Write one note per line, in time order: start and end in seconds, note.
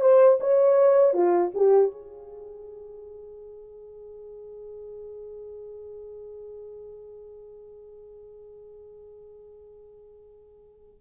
0.00 0.38 C5
0.40 1.13 C#5
1.13 1.51 F4
1.54 1.91 G4
1.91 11.01 G#4